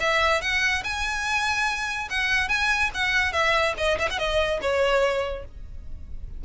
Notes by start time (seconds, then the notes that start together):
0.00 E5
0.41 F#5
0.84 G#5
2.10 F#5
2.49 G#5
2.94 F#5
3.33 E5
3.77 D#5
3.98 E5
4.10 F#5
4.19 D#5
4.62 C#5